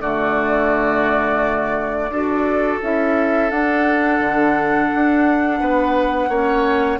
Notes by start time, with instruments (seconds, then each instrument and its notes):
0.00 bassoon D3, clarinet A3, oboe F#4, flute D5
2.10 bassoon D4, clarinet F#4, oboe A4
2.82 bassoon C#4, clarinet E4, flute E5
3.50 bassoon D4, clarinet D4, flute F#5
4.19 bassoon D3
4.95 bassoon D4
5.60 bassoon B3, oboe B4
6.29 bassoon A#3, clarinet C#4, oboe C#5